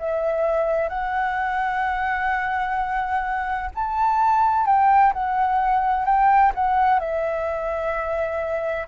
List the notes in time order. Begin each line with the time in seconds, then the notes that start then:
0.00 E5
0.89 F#5
3.75 A5
4.67 G5
5.14 F#5
6.06 G5
6.55 F#5
7.00 E5